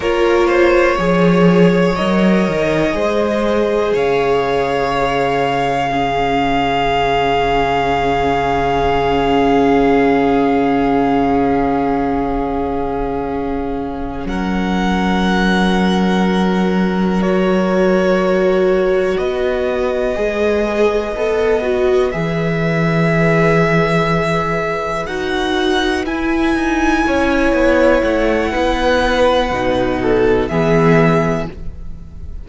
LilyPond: <<
  \new Staff \with { instrumentName = "violin" } { \time 4/4 \tempo 4 = 61 cis''2 dis''2 | f''1~ | f''1~ | f''2~ f''8 fis''4.~ |
fis''4. cis''2 dis''8~ | dis''2~ dis''8 e''4.~ | e''4. fis''4 gis''4.~ | gis''8 fis''2~ fis''8 e''4 | }
  \new Staff \with { instrumentName = "violin" } { \time 4/4 ais'8 c''8 cis''2 c''4 | cis''2 gis'2~ | gis'1~ | gis'2~ gis'8 ais'4.~ |
ais'2.~ ais'8 b'8~ | b'1~ | b'2.~ b'8 cis''8~ | cis''4 b'4. a'8 gis'4 | }
  \new Staff \with { instrumentName = "viola" } { \time 4/4 f'4 gis'4 ais'4 gis'4~ | gis'2 cis'2~ | cis'1~ | cis'1~ |
cis'4. fis'2~ fis'8~ | fis'8 gis'4 a'8 fis'8 gis'4.~ | gis'4. fis'4 e'4.~ | e'2 dis'4 b4 | }
  \new Staff \with { instrumentName = "cello" } { \time 4/4 ais4 f4 fis8 dis8 gis4 | cis1~ | cis1~ | cis2~ cis8 fis4.~ |
fis2.~ fis8 b8~ | b8 gis4 b4 e4.~ | e4. dis'4 e'8 dis'8 cis'8 | b8 a8 b4 b,4 e4 | }
>>